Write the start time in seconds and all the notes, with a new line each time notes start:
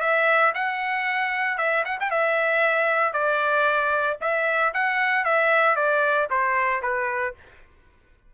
0.00 E5
0.54 F#5
1.57 E5
1.85 F#5
2.00 G5
2.10 E5
3.13 D5
4.21 E5
4.73 F#5
5.24 E5
5.75 D5
6.30 C5
6.82 B4